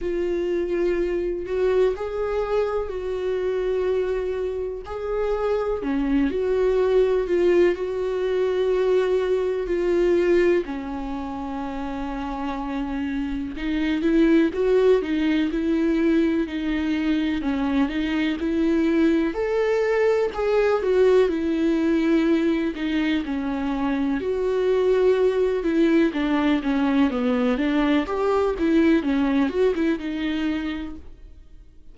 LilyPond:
\new Staff \with { instrumentName = "viola" } { \time 4/4 \tempo 4 = 62 f'4. fis'8 gis'4 fis'4~ | fis'4 gis'4 cis'8 fis'4 f'8 | fis'2 f'4 cis'4~ | cis'2 dis'8 e'8 fis'8 dis'8 |
e'4 dis'4 cis'8 dis'8 e'4 | a'4 gis'8 fis'8 e'4. dis'8 | cis'4 fis'4. e'8 d'8 cis'8 | b8 d'8 g'8 e'8 cis'8 fis'16 e'16 dis'4 | }